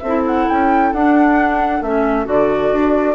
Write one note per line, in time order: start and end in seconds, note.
0.00 0.47 C4
0.00 3.16 A4
0.00 0.22 E5
0.08 0.96 E4
0.27 0.49 F#5
0.49 0.93 C#4
0.49 0.93 G5
0.93 1.82 D4
0.93 1.84 D4
0.93 1.83 F#5
1.82 2.27 A3
1.82 2.25 C#4
1.82 2.28 E5
2.25 2.72 D3
2.25 3.15 F#4
2.25 3.16 D5
2.72 3.16 D4